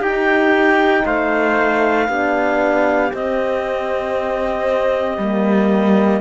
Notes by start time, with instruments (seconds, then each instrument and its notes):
0.00 cello D#4, horn D#4, trumpet G4, clarinet G5
1.05 cello A3, trumpet C5, clarinet F5
2.09 cello B3, horn D4, trumpet G4
3.11 horn C4, cello C4, clarinet D#5
5.18 cello G3, horn A#3